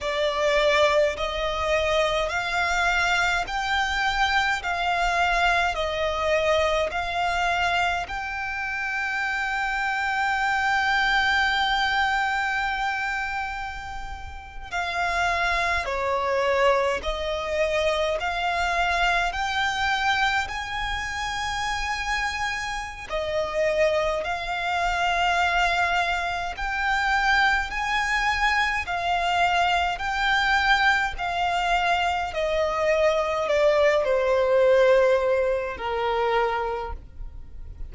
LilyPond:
\new Staff \with { instrumentName = "violin" } { \time 4/4 \tempo 4 = 52 d''4 dis''4 f''4 g''4 | f''4 dis''4 f''4 g''4~ | g''1~ | g''8. f''4 cis''4 dis''4 f''16~ |
f''8. g''4 gis''2~ gis''16 | dis''4 f''2 g''4 | gis''4 f''4 g''4 f''4 | dis''4 d''8 c''4. ais'4 | }